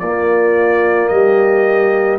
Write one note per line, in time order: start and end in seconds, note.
0.00 1.11 A#3
0.00 2.19 A#3
0.00 1.12 F4
0.00 1.09 D5
1.09 2.19 G3
1.09 2.19 G4
1.09 2.18 D#5